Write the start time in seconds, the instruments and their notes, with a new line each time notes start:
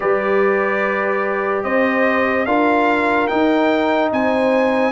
0.00 tuba G3, trombone G4, horn B4, trumpet D5
1.63 tuba C4, horn C5, trumpet D#5
2.45 tuba D4, trombone F4, horn A#4, trumpet F5
3.27 trombone D#4, tuba D#4, trumpet G5
4.11 tuba C4, horn C5, trumpet G#5